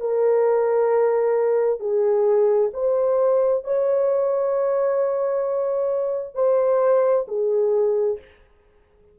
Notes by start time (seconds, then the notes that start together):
0.00 A#4
1.79 G#4
2.73 C5
3.64 C#5
6.34 C5
7.27 G#4